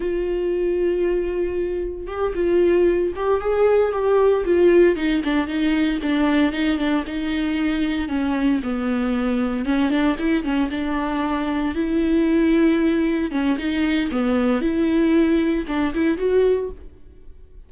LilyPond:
\new Staff \with { instrumentName = "viola" } { \time 4/4 \tempo 4 = 115 f'1 | g'8 f'4. g'8 gis'4 g'8~ | g'8 f'4 dis'8 d'8 dis'4 d'8~ | d'8 dis'8 d'8 dis'2 cis'8~ |
cis'8 b2 cis'8 d'8 e'8 | cis'8 d'2 e'4.~ | e'4. cis'8 dis'4 b4 | e'2 d'8 e'8 fis'4 | }